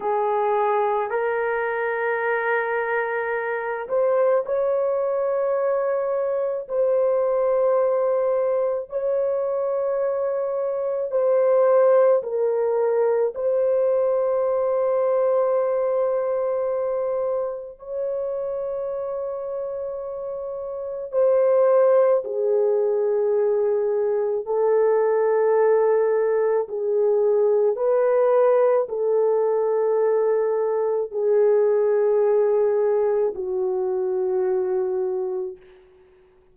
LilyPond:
\new Staff \with { instrumentName = "horn" } { \time 4/4 \tempo 4 = 54 gis'4 ais'2~ ais'8 c''8 | cis''2 c''2 | cis''2 c''4 ais'4 | c''1 |
cis''2. c''4 | gis'2 a'2 | gis'4 b'4 a'2 | gis'2 fis'2 | }